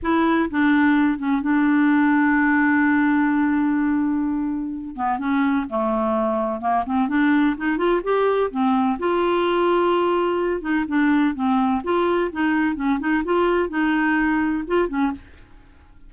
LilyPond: \new Staff \with { instrumentName = "clarinet" } { \time 4/4 \tempo 4 = 127 e'4 d'4. cis'8 d'4~ | d'1~ | d'2~ d'8 b8 cis'4 | a2 ais8 c'8 d'4 |
dis'8 f'8 g'4 c'4 f'4~ | f'2~ f'8 dis'8 d'4 | c'4 f'4 dis'4 cis'8 dis'8 | f'4 dis'2 f'8 cis'8 | }